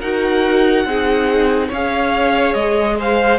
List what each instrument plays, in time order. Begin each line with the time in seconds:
0.00 cello D#4, viola F#4, violin A#4 F#5
0.85 cello C4, viola D#4, violin G#4
1.68 cello C#4, viola G#4, violin C#5 F5
2.54 cello G#3, violin D#5
2.99 violin C5 F5